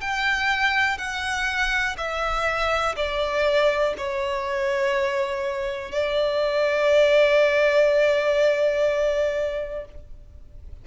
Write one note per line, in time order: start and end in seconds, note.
0.00 0.97 G5
0.97 1.96 F#5
1.97 2.95 E5
2.96 3.94 D5
3.97 5.91 C#5
5.91 9.85 D5